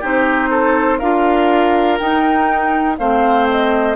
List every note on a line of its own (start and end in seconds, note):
0.00 1.01 C4
0.00 1.00 D#4
0.00 0.49 G4
0.00 0.99 C5
0.50 0.98 A4
0.98 1.99 D4
0.98 1.99 F4
0.98 2.95 A#4
0.98 1.98 F5
1.98 2.98 D#4
1.98 2.99 D#4
1.98 2.97 G5
2.98 3.96 A3
2.98 3.96 C4
2.98 3.96 C5
2.98 3.47 F5
3.51 3.96 D#5